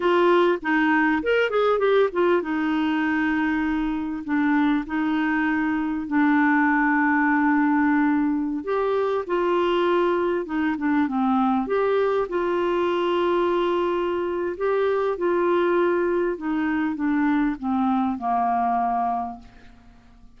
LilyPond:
\new Staff \with { instrumentName = "clarinet" } { \time 4/4 \tempo 4 = 99 f'4 dis'4 ais'8 gis'8 g'8 f'8 | dis'2. d'4 | dis'2 d'2~ | d'2~ d'16 g'4 f'8.~ |
f'4~ f'16 dis'8 d'8 c'4 g'8.~ | g'16 f'2.~ f'8. | g'4 f'2 dis'4 | d'4 c'4 ais2 | }